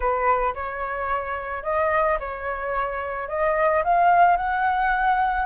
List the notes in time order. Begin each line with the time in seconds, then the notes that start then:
0.00 B4
0.54 C#5
1.63 D#5
2.19 C#5
3.28 D#5
3.84 F5
4.36 F#5